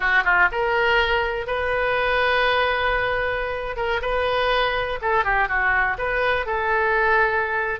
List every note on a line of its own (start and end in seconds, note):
0.00 0.23 F#4
0.24 0.49 F4
0.51 1.47 A#4
1.47 3.76 B4
3.76 4.00 A#4
4.01 4.99 B4
5.01 5.24 A4
5.24 5.48 G4
5.48 5.97 F#4
5.98 6.45 B4
6.45 7.80 A4